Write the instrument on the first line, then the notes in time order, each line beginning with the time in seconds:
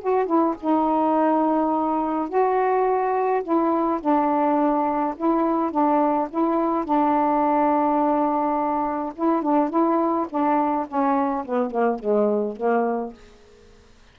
saxophone
0.00 F#4
0.26 E4
0.60 D#4
2.28 F#4
3.43 E4
4.00 D4
5.16 E4
5.71 D4
6.29 E4
6.84 D4
9.15 E4
9.42 D4
9.69 E4
10.29 D4
10.87 C#4
11.45 B3
11.70 A#3
11.99 G#3
12.56 A#3